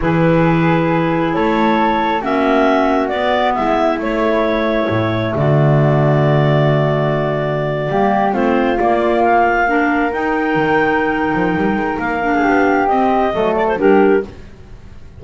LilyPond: <<
  \new Staff \with { instrumentName = "clarinet" } { \time 4/4 \tempo 4 = 135 b'2. cis''4~ | cis''4 e''2 d''4 | e''4 cis''2. | d''1~ |
d''2~ d''8. c''4 d''16~ | d''8. f''2 g''4~ g''16~ | g''2. f''4~ | f''4 dis''4. d''16 c''16 ais'4 | }
  \new Staff \with { instrumentName = "flute" } { \time 4/4 gis'2. a'4~ | a'4 fis'2. | e'1 | fis'1~ |
fis'4.~ fis'16 g'4 f'4~ f'16~ | f'4.~ f'16 ais'2~ ais'16~ | ais'2.~ ais'8. gis'16 | g'2 a'4 g'4 | }
  \new Staff \with { instrumentName = "clarinet" } { \time 4/4 e'1~ | e'4 cis'2 b4~ | b4 a2.~ | a1~ |
a4.~ a16 ais4 c'4 ais16~ | ais4.~ ais16 d'4 dis'4~ dis'16~ | dis'2.~ dis'8 d'8~ | d'4 c'4 a4 d'4 | }
  \new Staff \with { instrumentName = "double bass" } { \time 4/4 e2. a4~ | a4 ais2 b4 | gis4 a2 a,4 | d1~ |
d4.~ d16 g4 a4 ais16~ | ais2~ ais8. dis'4 dis16~ | dis4. f8 g8 gis8 ais4 | b4 c'4 fis4 g4 | }
>>